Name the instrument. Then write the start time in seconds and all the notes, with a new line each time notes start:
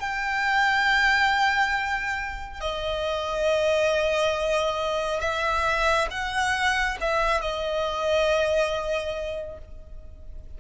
violin
0.00 G5
2.61 D#5
5.21 E5
6.11 F#5
7.01 E5
7.42 D#5